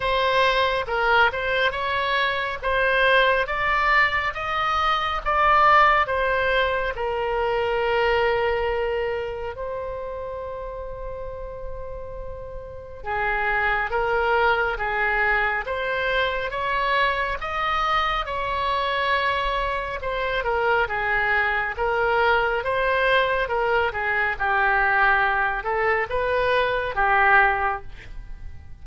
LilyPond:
\new Staff \with { instrumentName = "oboe" } { \time 4/4 \tempo 4 = 69 c''4 ais'8 c''8 cis''4 c''4 | d''4 dis''4 d''4 c''4 | ais'2. c''4~ | c''2. gis'4 |
ais'4 gis'4 c''4 cis''4 | dis''4 cis''2 c''8 ais'8 | gis'4 ais'4 c''4 ais'8 gis'8 | g'4. a'8 b'4 g'4 | }